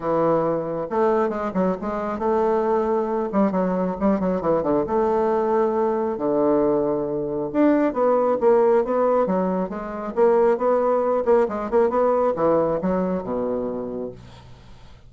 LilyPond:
\new Staff \with { instrumentName = "bassoon" } { \time 4/4 \tempo 4 = 136 e2 a4 gis8 fis8 | gis4 a2~ a8 g8 | fis4 g8 fis8 e8 d8 a4~ | a2 d2~ |
d4 d'4 b4 ais4 | b4 fis4 gis4 ais4 | b4. ais8 gis8 ais8 b4 | e4 fis4 b,2 | }